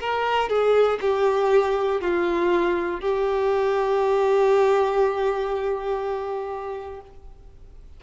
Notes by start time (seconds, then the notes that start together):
0.00 A#4
0.49 G#4
1.01 G4
2.01 F4
3.01 G4